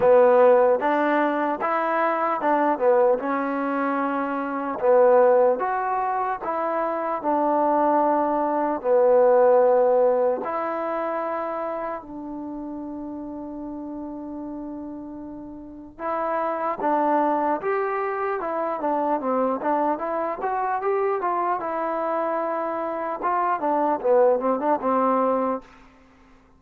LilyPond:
\new Staff \with { instrumentName = "trombone" } { \time 4/4 \tempo 4 = 75 b4 d'4 e'4 d'8 b8 | cis'2 b4 fis'4 | e'4 d'2 b4~ | b4 e'2 d'4~ |
d'1 | e'4 d'4 g'4 e'8 d'8 | c'8 d'8 e'8 fis'8 g'8 f'8 e'4~ | e'4 f'8 d'8 b8 c'16 d'16 c'4 | }